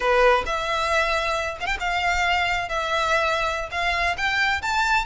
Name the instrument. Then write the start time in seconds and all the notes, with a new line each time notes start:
violin
0.00 B4
0.46 E5
1.60 F5 G5
1.80 F5
2.68 E5
3.71 F5
4.17 G5
4.62 A5